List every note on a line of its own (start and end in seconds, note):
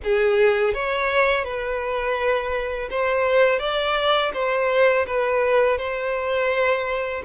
0.03 0.74 G#4
0.74 1.44 C#5
1.44 2.89 B4
2.90 3.59 C5
3.59 4.31 D5
4.33 5.05 C5
5.06 5.78 B4
5.78 7.22 C5